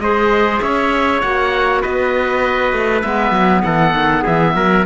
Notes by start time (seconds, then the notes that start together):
0.00 G#3 G#4 C5 D#5
0.62 C#4 C#5 E5
1.22 A#3 F#4 F#5
1.82 B3 B4 D#5
2.73 A3
3.02 G#3 B3 E5
3.32 F#3
3.64 E3 A4 F#5
3.94 D#3
4.23 E3 G#4 E5
4.56 F#3 A#4